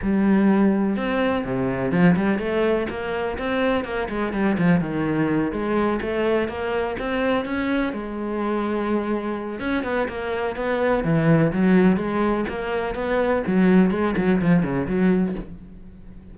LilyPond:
\new Staff \with { instrumentName = "cello" } { \time 4/4 \tempo 4 = 125 g2 c'4 c4 | f8 g8 a4 ais4 c'4 | ais8 gis8 g8 f8 dis4. gis8~ | gis8 a4 ais4 c'4 cis'8~ |
cis'8 gis2.~ gis8 | cis'8 b8 ais4 b4 e4 | fis4 gis4 ais4 b4 | fis4 gis8 fis8 f8 cis8 fis4 | }